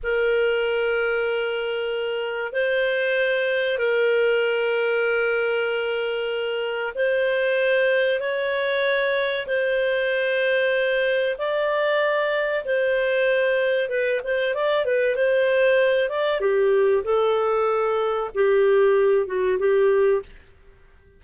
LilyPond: \new Staff \with { instrumentName = "clarinet" } { \time 4/4 \tempo 4 = 95 ais'1 | c''2 ais'2~ | ais'2. c''4~ | c''4 cis''2 c''4~ |
c''2 d''2 | c''2 b'8 c''8 d''8 b'8 | c''4. d''8 g'4 a'4~ | a'4 g'4. fis'8 g'4 | }